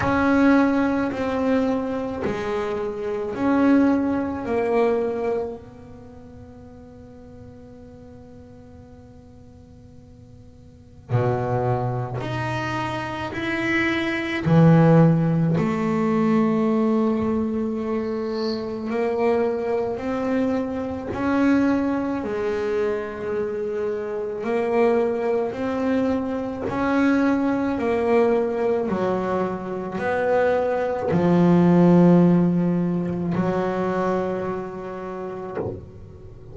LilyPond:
\new Staff \with { instrumentName = "double bass" } { \time 4/4 \tempo 4 = 54 cis'4 c'4 gis4 cis'4 | ais4 b2.~ | b2 b,4 dis'4 | e'4 e4 a2~ |
a4 ais4 c'4 cis'4 | gis2 ais4 c'4 | cis'4 ais4 fis4 b4 | f2 fis2 | }